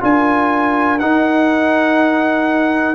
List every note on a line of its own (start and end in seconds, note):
0.00 1.00 D4
0.00 0.98 F4
0.00 2.95 A#4
0.00 0.99 G#5
0.99 2.95 D#4
0.99 2.95 F#5